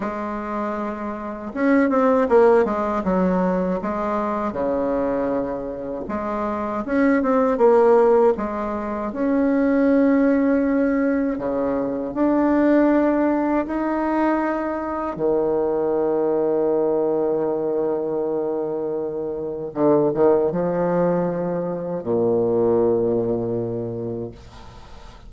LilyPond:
\new Staff \with { instrumentName = "bassoon" } { \time 4/4 \tempo 4 = 79 gis2 cis'8 c'8 ais8 gis8 | fis4 gis4 cis2 | gis4 cis'8 c'8 ais4 gis4 | cis'2. cis4 |
d'2 dis'2 | dis1~ | dis2 d8 dis8 f4~ | f4 ais,2. | }